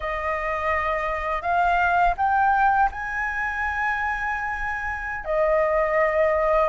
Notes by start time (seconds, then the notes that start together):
0.00 D#5
1.42 F5
2.17 G5
2.91 G#5
5.24 D#5